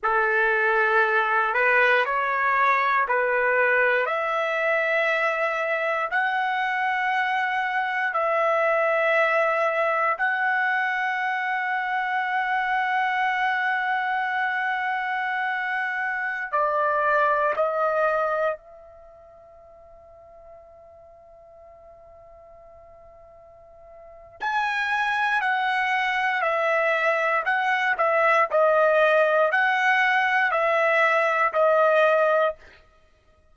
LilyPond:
\new Staff \with { instrumentName = "trumpet" } { \time 4/4 \tempo 4 = 59 a'4. b'8 cis''4 b'4 | e''2 fis''2 | e''2 fis''2~ | fis''1~ |
fis''16 d''4 dis''4 e''4.~ e''16~ | e''1 | gis''4 fis''4 e''4 fis''8 e''8 | dis''4 fis''4 e''4 dis''4 | }